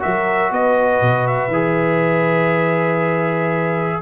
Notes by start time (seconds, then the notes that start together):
0.00 F#3 F#4 A#4 E5
0.51 B3 B4 D#5
1.02 B2
1.27 E5
1.48 E3 G#4